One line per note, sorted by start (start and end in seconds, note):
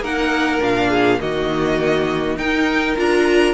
0.00 0.59 A#3
0.00 0.61 D#4
0.00 0.90 A#4
0.00 0.63 F#5
0.61 1.21 A#2
0.61 1.19 D4
0.61 1.20 F5
0.90 1.19 G#4
1.20 2.36 D#3
1.20 2.38 A#3
1.20 2.38 F#4
1.20 2.37 D#5
2.36 2.95 D#4
2.36 2.96 D#4
2.36 3.54 A#4
2.36 2.96 G5
2.96 3.54 D4
2.96 3.54 F4
2.96 3.54 A#5